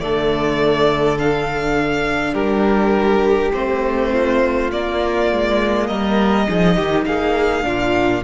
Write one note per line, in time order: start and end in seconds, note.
0.00 2.34 D3
0.00 1.18 A3
0.00 2.33 A4
0.00 1.18 D5
1.19 3.53 D4
1.19 2.34 F5
2.33 3.52 G3
2.33 4.10 G4
2.33 3.52 A#4
3.53 4.73 A3
3.53 4.71 C4
3.53 4.71 C5
4.13 5.89 F4
4.72 6.48 A#3
4.72 5.32 A#3
4.72 5.87 D5
5.32 5.89 G#3
5.87 6.48 G3
5.87 6.48 A#4
5.87 7.05 D#5
6.48 6.78 F3
6.48 7.63 D#4
6.48 6.76 G#4
6.76 7.05 D#3
6.76 7.06 G4
7.05 7.64 A#3
7.05 7.66 G#4
7.05 8.24 F5
7.63 8.24 A#2
7.63 8.22 D4
7.63 8.25 F4